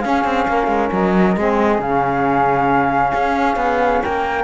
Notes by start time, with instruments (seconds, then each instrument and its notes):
0.00 saxophone C#4, cello C#4, flute G#4 F5
0.24 cello C4
0.48 cello A#3, flute A#4
0.67 cello G#3
0.92 cello F#3, flute D#5
1.37 cello G#3, saxophone C4, flute G#4
1.79 cello C#3, saxophone C#4, flute F5
3.14 cello C#4
3.56 cello B3
4.03 cello A#3, flute A#4 G5